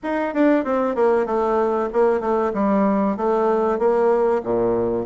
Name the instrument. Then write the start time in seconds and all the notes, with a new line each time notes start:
bassoon
0.03 D#4
0.34 D4
0.64 C4
0.95 A#3
1.26 A3
1.93 A#3
2.20 A3
2.53 G3
3.16 A3
3.78 A#3
4.43 A#2